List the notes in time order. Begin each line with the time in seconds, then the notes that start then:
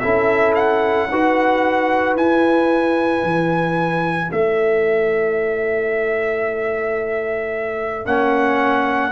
0.00 C#4 E4 A4 E5
0.55 F#5
1.10 D#4 F#4 B4
2.16 E4 G#5
3.23 E3
4.32 A3 C#5 E5
8.06 A#3 C#4 F#5